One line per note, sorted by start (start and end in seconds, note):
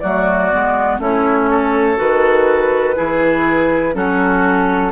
0.00 0.52 F#3
0.00 0.51 A3
0.00 1.01 F#4
0.00 0.98 D5
0.51 0.99 G#3
0.51 0.99 B3
0.99 1.97 A3
0.99 1.96 C#4
0.99 1.50 E4
0.99 1.99 C#5
1.50 2.96 A4
1.96 2.98 D#3
1.96 2.95 F#4
1.96 3.95 B4
2.96 3.94 E3
2.96 3.94 E4
2.96 3.94 G#4
3.94 4.92 F#3
3.94 4.92 C#4
3.94 4.92 F#4
3.94 4.92 A4